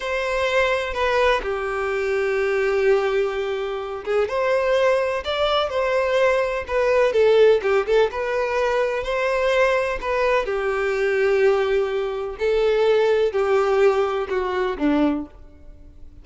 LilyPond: \new Staff \with { instrumentName = "violin" } { \time 4/4 \tempo 4 = 126 c''2 b'4 g'4~ | g'1~ | g'8 gis'8 c''2 d''4 | c''2 b'4 a'4 |
g'8 a'8 b'2 c''4~ | c''4 b'4 g'2~ | g'2 a'2 | g'2 fis'4 d'4 | }